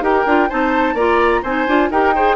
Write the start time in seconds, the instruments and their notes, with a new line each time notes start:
0.00 bassoon D#4, clarinet G4, oboe A#4, flute G5
0.26 bassoon D4, clarinet F4
0.49 bassoon C4, clarinet D#4, oboe C5, flute A5
0.93 bassoon A#3, clarinet F4, oboe D5, flute A#5
1.42 bassoon C4, clarinet D#4, oboe C5, flute G#5
1.67 bassoon D4, clarinet F4
1.90 bassoon D#4, clarinet G4, oboe A#4, flute G5
2.15 clarinet G#4, oboe C5